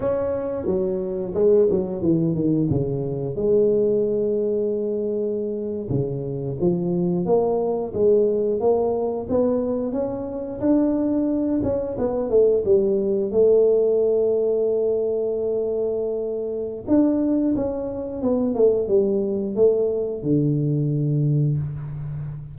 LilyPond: \new Staff \with { instrumentName = "tuba" } { \time 4/4 \tempo 4 = 89 cis'4 fis4 gis8 fis8 e8 dis8 | cis4 gis2.~ | gis8. cis4 f4 ais4 gis16~ | gis8. ais4 b4 cis'4 d'16~ |
d'4~ d'16 cis'8 b8 a8 g4 a16~ | a1~ | a4 d'4 cis'4 b8 a8 | g4 a4 d2 | }